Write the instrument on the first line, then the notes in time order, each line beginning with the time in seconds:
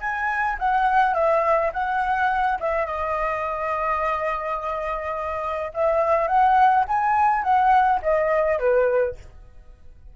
flute
0.00 G#5
0.59 F#5
1.14 E5
1.73 F#5
2.60 E5
2.86 D#5
5.74 E5
6.27 F#5
6.88 G#5
7.43 F#5
8.02 D#5
8.59 B4